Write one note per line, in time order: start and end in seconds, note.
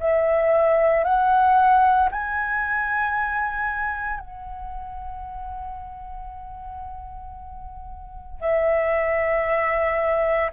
0.00 1.04 E5
1.04 2.09 F#5
2.11 4.19 G#5
4.19 8.40 F#5
8.40 10.51 E5